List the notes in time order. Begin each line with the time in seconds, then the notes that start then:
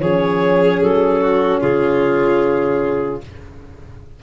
0.00 F3 C#4 G#4 C#5
0.81 F#3 A4
1.21 F#4
1.61 C#3 F4 G#4